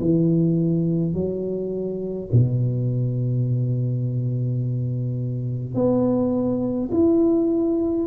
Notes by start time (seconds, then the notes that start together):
0.00 E3
1.14 F#3
2.32 B2
5.74 B3
6.91 E4